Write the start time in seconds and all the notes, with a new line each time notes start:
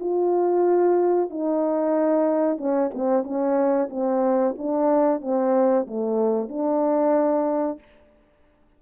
0.00 F4
1.30 D#4
2.58 C#4
2.94 C4
3.23 C#4
3.90 C4
4.58 D4
5.21 C4
5.87 A3
6.48 D4